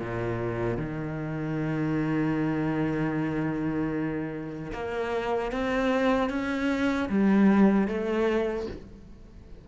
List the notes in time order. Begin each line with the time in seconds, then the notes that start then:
0.00 A#2
0.78 D#3
4.73 A#3
5.52 C4
6.30 C#4
7.09 G3
7.88 A3